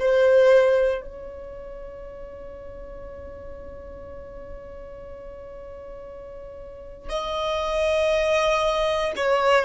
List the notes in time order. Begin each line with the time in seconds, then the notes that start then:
0.00 C5
1.02 C#5
7.10 D#5
9.17 C#5